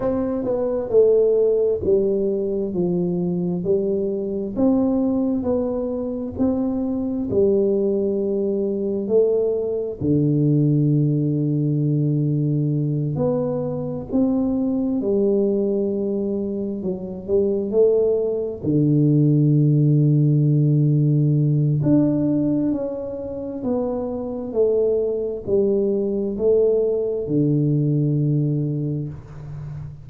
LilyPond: \new Staff \with { instrumentName = "tuba" } { \time 4/4 \tempo 4 = 66 c'8 b8 a4 g4 f4 | g4 c'4 b4 c'4 | g2 a4 d4~ | d2~ d8 b4 c'8~ |
c'8 g2 fis8 g8 a8~ | a8 d2.~ d8 | d'4 cis'4 b4 a4 | g4 a4 d2 | }